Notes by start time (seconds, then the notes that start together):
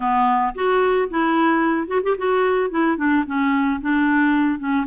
0.00 B3
0.54 F#4
1.10 E4
1.87 F#4
2.03 G4
2.17 F#4
2.70 E4
2.97 D4
3.26 C#4
3.81 D4
4.59 C#4